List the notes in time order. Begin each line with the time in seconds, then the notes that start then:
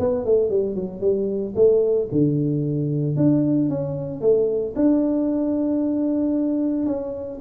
0.00 B3
0.25 A3
0.50 G3
0.75 F#3
1.01 G3
1.56 A3
2.12 D3
3.17 D4
3.70 C#4
4.22 A3
4.76 D4
6.87 C#4